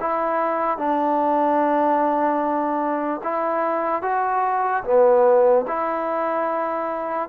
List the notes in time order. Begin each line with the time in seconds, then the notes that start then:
0.00 E4
0.78 D4
3.24 E4
4.02 F#4
4.84 B3
5.68 E4